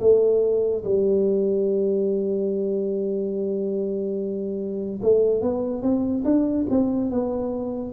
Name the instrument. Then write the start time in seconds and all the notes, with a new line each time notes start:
tuba
0.00 A3
0.84 G3
5.02 A3
5.41 B3
5.82 C4
6.24 D4
6.70 C4
7.10 B3